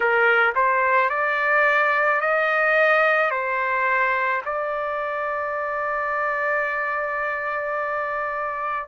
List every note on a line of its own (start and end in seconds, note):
0.00 0.53 A#4
0.55 1.09 C5
1.09 2.20 D5
2.20 3.30 D#5
3.30 4.41 C5
4.45 8.88 D5